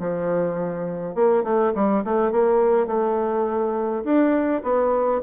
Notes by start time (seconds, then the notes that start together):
0.00 F3
1.15 A#3
1.44 A3
1.75 G3
2.05 A3
2.32 A#3
2.87 A3
4.05 D4
4.64 B3